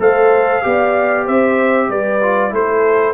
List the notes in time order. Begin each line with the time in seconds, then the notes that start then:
0.00 A3 A4 C5 F5
0.63 B3 G4 D5
1.25 C4 C5 E5
1.89 G3 B4 D5
2.23 F4
2.51 A3 E4 A4 C5